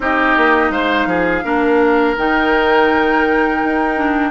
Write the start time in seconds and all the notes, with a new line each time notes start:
0.00 C4 D#4 G4 D#5
0.37 A#3
0.70 G#3 C5 F5
1.06 F3 G#4
1.44 A#3 D4 A#4
2.16 D#3 D#4 G5
3.64 D#4
3.96 D4